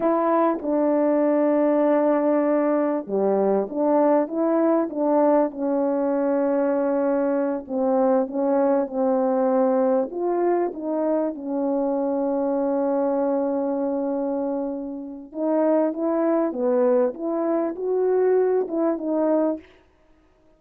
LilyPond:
\new Staff \with { instrumentName = "horn" } { \time 4/4 \tempo 4 = 98 e'4 d'2.~ | d'4 g4 d'4 e'4 | d'4 cis'2.~ | cis'8 c'4 cis'4 c'4.~ |
c'8 f'4 dis'4 cis'4.~ | cis'1~ | cis'4 dis'4 e'4 b4 | e'4 fis'4. e'8 dis'4 | }